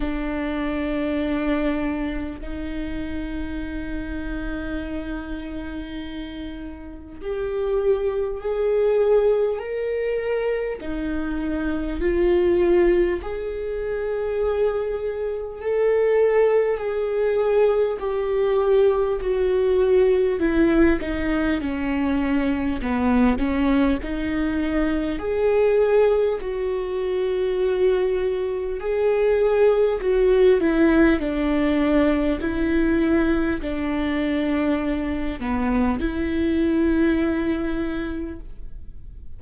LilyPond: \new Staff \with { instrumentName = "viola" } { \time 4/4 \tempo 4 = 50 d'2 dis'2~ | dis'2 g'4 gis'4 | ais'4 dis'4 f'4 gis'4~ | gis'4 a'4 gis'4 g'4 |
fis'4 e'8 dis'8 cis'4 b8 cis'8 | dis'4 gis'4 fis'2 | gis'4 fis'8 e'8 d'4 e'4 | d'4. b8 e'2 | }